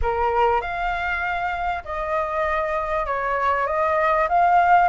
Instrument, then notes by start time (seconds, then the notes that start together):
flute
0.02 A#4
0.61 F5
1.84 D#5
3.06 C#5
3.67 D#5
4.28 F5